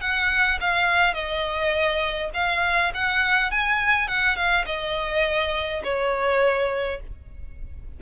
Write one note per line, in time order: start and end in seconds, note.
0.00 0.58 F#5
0.60 1.13 F5
1.13 2.30 D#5
2.34 2.92 F5
2.94 3.51 F#5
3.51 4.08 G#5
4.08 4.36 F#5
4.36 4.65 F5
4.65 5.82 D#5
5.83 7.00 C#5